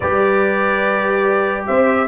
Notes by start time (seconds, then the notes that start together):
0.00 G3 G4 B4 D5
1.66 C4 C5 E5